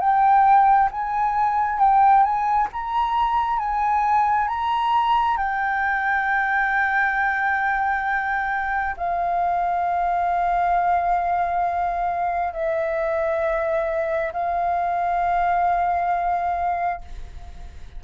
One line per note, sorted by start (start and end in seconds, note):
0.00 0.90 G5
0.91 1.79 G#5
1.79 2.23 G5
2.23 2.68 G#5
2.72 3.59 A#5
3.59 4.48 G#5
4.48 5.38 A#5
5.38 8.96 G5
8.97 12.53 F5
12.53 14.32 E5
14.33 17.01 F5